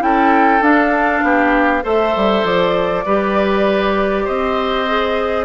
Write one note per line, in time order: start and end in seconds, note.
0.00 0.61 C#4
0.00 0.61 E4
0.00 1.25 A4
0.00 0.64 G5
0.61 1.22 D4
0.61 1.83 D4
0.61 1.85 F5
1.23 1.84 B3
1.23 1.84 G4
1.83 2.16 A3
1.83 3.04 A4
1.83 3.05 C5
1.83 2.46 E5
2.17 2.44 G3
2.44 3.05 F3
2.44 4.28 D5
3.06 4.27 G3
3.06 4.88 G4
3.06 4.25 B4
4.25 5.45 C4
4.25 5.45 C5
4.25 5.45 D#5
4.88 5.45 G#4